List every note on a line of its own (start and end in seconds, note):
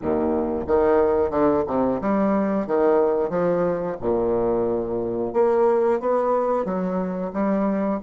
0.02 0.67 D#2
0.67 1.30 D#3
1.30 1.63 D3
1.67 2.00 C3
2.01 2.66 G3
2.66 3.29 D#3
3.29 3.96 F3
4.01 5.33 A#2
5.33 5.99 A#3
5.99 6.65 B3
6.65 7.31 F#3
7.33 7.99 G3